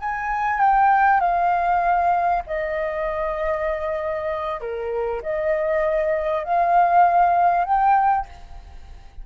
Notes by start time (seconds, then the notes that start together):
0.00 G#5
0.60 G5
1.21 F5
2.47 D#5
4.61 A#4
5.22 D#5
6.45 F5
7.65 G5